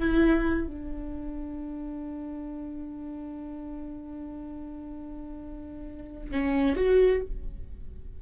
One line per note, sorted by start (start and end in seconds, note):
0.00 0.67 E4
0.67 6.31 D4
6.31 6.76 C#4
6.76 7.21 F#4